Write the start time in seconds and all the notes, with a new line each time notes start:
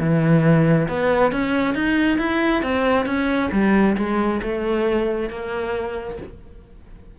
0.00 E3
0.89 B3
1.32 C#4
1.75 D#4
2.19 E4
2.63 C4
3.06 C#4
3.53 G3
3.97 G#3
4.43 A3
5.30 A#3